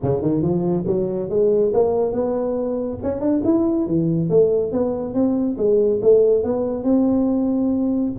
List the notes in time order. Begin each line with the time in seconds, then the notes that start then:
0.02 C#3
0.21 D#3
0.42 F3
0.86 F#3
1.29 G#3
1.73 A#3
2.12 B3
3.03 C#4
3.20 D4
3.44 E4
3.86 E3
4.29 A3
4.72 B3
5.14 C4
5.57 G#3
6.02 A3
6.43 B3
6.83 C4